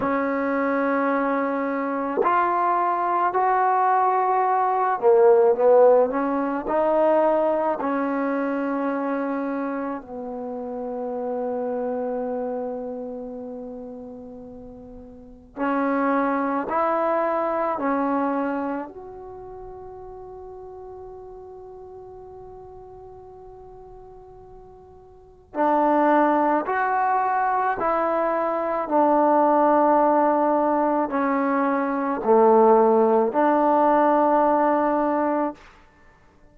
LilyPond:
\new Staff \with { instrumentName = "trombone" } { \time 4/4 \tempo 4 = 54 cis'2 f'4 fis'4~ | fis'8 ais8 b8 cis'8 dis'4 cis'4~ | cis'4 b2.~ | b2 cis'4 e'4 |
cis'4 fis'2.~ | fis'2. d'4 | fis'4 e'4 d'2 | cis'4 a4 d'2 | }